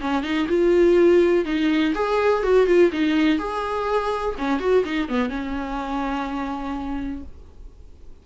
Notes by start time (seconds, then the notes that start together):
0.00 C#4
0.22 D#4
0.48 F4
1.45 D#4
1.94 G#4
2.42 F#4
2.66 F4
2.92 D#4
3.38 G#4
4.38 C#4
4.59 F#4
4.84 D#4
5.08 B3
5.29 C#4